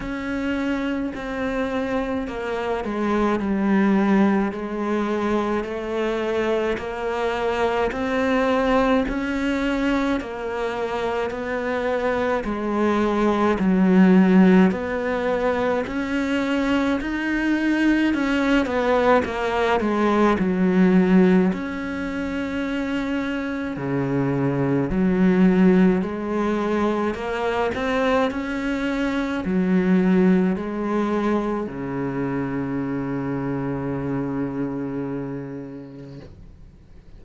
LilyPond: \new Staff \with { instrumentName = "cello" } { \time 4/4 \tempo 4 = 53 cis'4 c'4 ais8 gis8 g4 | gis4 a4 ais4 c'4 | cis'4 ais4 b4 gis4 | fis4 b4 cis'4 dis'4 |
cis'8 b8 ais8 gis8 fis4 cis'4~ | cis'4 cis4 fis4 gis4 | ais8 c'8 cis'4 fis4 gis4 | cis1 | }